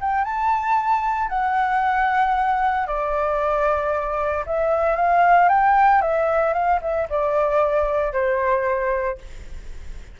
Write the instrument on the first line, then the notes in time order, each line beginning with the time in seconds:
flute
0.00 G5
0.24 A5
1.29 F#5
2.87 D5
4.46 E5
4.96 F5
5.49 G5
6.01 E5
6.53 F5
6.81 E5
7.09 D5
8.13 C5